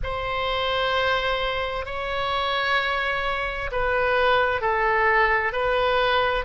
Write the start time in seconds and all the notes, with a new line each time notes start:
0.03 C5
1.85 C#5
3.71 B4
4.61 A4
5.52 B4